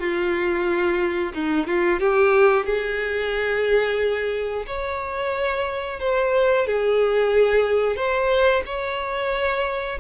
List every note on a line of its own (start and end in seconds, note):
0.00 1.33 F4
1.34 1.68 D#4
1.68 2.00 F4
2.00 2.66 G4
2.66 4.66 G#4
4.67 6.00 C#5
6.00 6.67 C5
6.67 7.96 G#4
7.96 8.63 C5
8.66 9.99 C#5